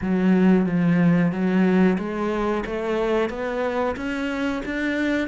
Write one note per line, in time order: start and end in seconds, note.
0.01 0.66 F#3
0.66 1.32 F3
1.32 1.98 F#3
1.98 2.64 G#3
2.66 3.29 A3
3.29 3.95 B3
3.96 4.62 C#4
4.65 5.27 D4